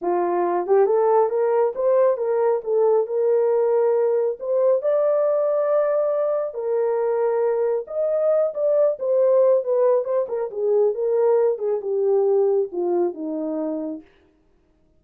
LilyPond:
\new Staff \with { instrumentName = "horn" } { \time 4/4 \tempo 4 = 137 f'4. g'8 a'4 ais'4 | c''4 ais'4 a'4 ais'4~ | ais'2 c''4 d''4~ | d''2. ais'4~ |
ais'2 dis''4. d''8~ | d''8 c''4. b'4 c''8 ais'8 | gis'4 ais'4. gis'8 g'4~ | g'4 f'4 dis'2 | }